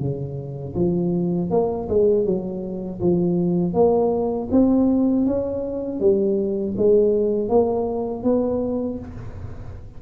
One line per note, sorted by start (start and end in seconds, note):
0.00 0.75 C#3
0.76 1.51 F3
1.51 1.88 A#3
1.89 2.26 G#3
2.26 3.01 F#3
3.01 3.74 F3
3.74 4.49 A#3
4.52 5.26 C4
5.26 6.00 C#4
6.00 6.75 G3
6.77 7.49 G#3
7.49 8.24 A#3
8.24 8.99 B3